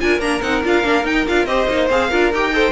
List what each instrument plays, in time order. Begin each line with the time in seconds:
0.00 cello D4, viola F4, violin A#4 G#5
0.20 cello A#3, viola D4, violin A#5
0.42 cello C4, viola D#4, violin F#5
0.64 cello D4, viola F4, violin F5
0.84 cello A#3, viola D4
1.04 viola D#4, cello D#4, violin G5
1.28 cello D4, viola F4, violin F5
1.46 cello C4, viola G4, violin C5 D#5
1.68 cello A#3, viola D#4
1.90 cello C4, viola G#4, violin F5
2.10 cello D4, viola F4, violin A#4
2.33 cello D#4, viola G4, violin G5
2.52 viola A4, violin C5